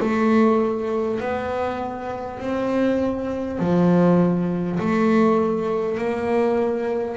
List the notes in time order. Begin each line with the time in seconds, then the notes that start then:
0.00 A3
1.20 B3
2.39 C4
3.59 F3
4.79 A3
5.98 A#3